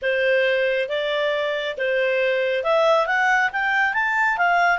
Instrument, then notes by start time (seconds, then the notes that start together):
clarinet
0.01 C5
0.88 D5
1.77 C5
2.63 E5
3.06 F#5
3.52 G5
3.93 A5
4.37 F5